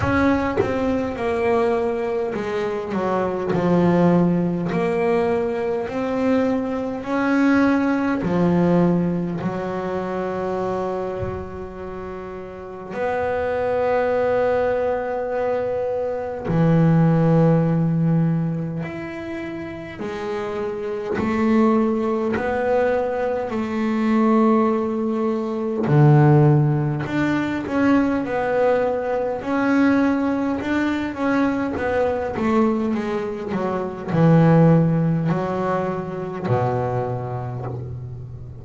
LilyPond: \new Staff \with { instrumentName = "double bass" } { \time 4/4 \tempo 4 = 51 cis'8 c'8 ais4 gis8 fis8 f4 | ais4 c'4 cis'4 f4 | fis2. b4~ | b2 e2 |
e'4 gis4 a4 b4 | a2 d4 d'8 cis'8 | b4 cis'4 d'8 cis'8 b8 a8 | gis8 fis8 e4 fis4 b,4 | }